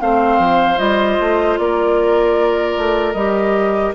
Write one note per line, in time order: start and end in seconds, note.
0.00 0.38 A3
0.00 0.77 C4
0.00 1.60 C5
0.00 0.78 F5
0.38 0.78 F3
0.77 1.18 G3
0.77 3.14 F4
0.77 1.57 D#5
1.20 1.59 A3
1.58 2.77 A#3
1.58 3.94 A#4
1.58 3.13 D5
2.77 3.14 A3
3.13 3.93 G3
3.13 3.94 G4
3.13 3.92 D#5